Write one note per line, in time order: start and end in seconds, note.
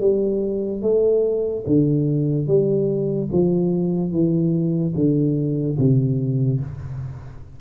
0.00 0.82 G3
0.82 1.64 A3
1.66 2.47 D3
2.47 3.29 G3
3.32 4.11 F3
4.11 4.94 E3
4.95 5.77 D3
5.78 6.60 C3